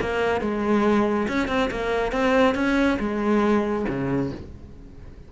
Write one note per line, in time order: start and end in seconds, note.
0.00 0.40 A#3
0.40 1.27 G#3
1.28 1.48 C#4
1.48 1.69 C4
1.71 2.12 A#3
2.12 2.54 C4
2.54 2.98 C#4
2.99 3.85 G#3
3.88 4.31 C#3